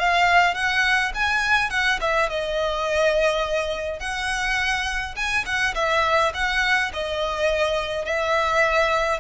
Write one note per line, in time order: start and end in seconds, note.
0.00 0.55 F5
0.55 1.12 F#5
1.15 1.71 G#5
1.71 2.00 F#5
2.01 2.30 E5
2.30 4.00 D#5
4.00 5.16 F#5
5.16 5.45 G#5
5.46 5.75 F#5
5.75 6.33 E5
6.34 6.92 F#5
6.94 8.06 D#5
8.06 9.21 E5